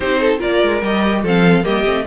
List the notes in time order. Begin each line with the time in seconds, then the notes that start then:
0.00 C4 D#4 G4 C5
0.20 A4
0.38 F4 A#4 D5
0.45 A#3
0.62 G#3
0.82 G3 G4 D#5
1.23 F3 C4 A4 F5
1.63 G3 A#3 G4 D#5
1.84 A3 C4